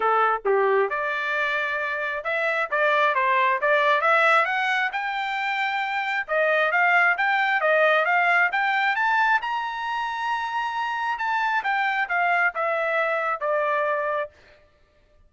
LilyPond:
\new Staff \with { instrumentName = "trumpet" } { \time 4/4 \tempo 4 = 134 a'4 g'4 d''2~ | d''4 e''4 d''4 c''4 | d''4 e''4 fis''4 g''4~ | g''2 dis''4 f''4 |
g''4 dis''4 f''4 g''4 | a''4 ais''2.~ | ais''4 a''4 g''4 f''4 | e''2 d''2 | }